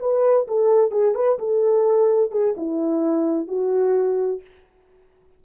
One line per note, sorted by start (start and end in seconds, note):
0.00 0.47 B4
0.48 0.92 A4
0.92 1.15 G#4
1.15 1.38 B4
1.39 2.31 A4
2.31 2.55 G#4
2.57 3.48 E4
3.48 4.41 F#4